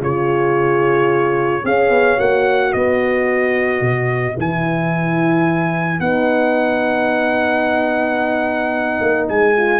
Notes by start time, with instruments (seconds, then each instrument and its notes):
0.00 tuba C#3, horn F4 G#4, trumpet C#5
1.64 tuba C#4, horn G#4 C#5, trumpet F5
1.89 tuba B3
2.17 tuba A#3, horn F#4, trumpet F#5
2.72 tuba B3, horn B4, trumpet D#5
3.81 tuba B2
4.37 tuba E3, horn E4, trumpet G#5
5.99 tuba B3, horn D#4, trumpet F#5
9.01 tuba A#3
9.28 tuba G#3, trumpet G#5
9.56 horn F4